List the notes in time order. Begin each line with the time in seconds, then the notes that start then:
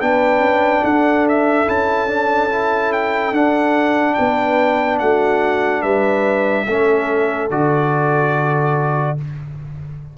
0.00 B3 D4 B4 G5
0.40 C#4
0.84 D4 A4 F#5
1.29 E5
1.66 C#4 E4 A5
2.08 D4
2.50 E4
2.93 G5
3.32 D4 F#5
4.14 B3 B4 G5
4.99 A3 F#4 F#5
5.82 G3 B4 E5
6.66 A3 C#4 A4
7.50 D3 F#4 D5